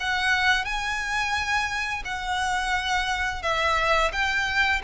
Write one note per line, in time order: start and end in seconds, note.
0.00 0.65 F#5
0.65 2.03 G#5
2.05 3.43 F#5
3.43 4.12 E5
4.13 4.82 G5